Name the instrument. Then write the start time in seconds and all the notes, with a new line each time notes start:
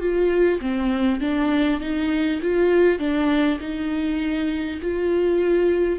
viola
0.00 F4
0.61 C4
1.21 D4
1.81 D#4
2.42 F4
2.99 D4
3.61 D#4
4.82 F4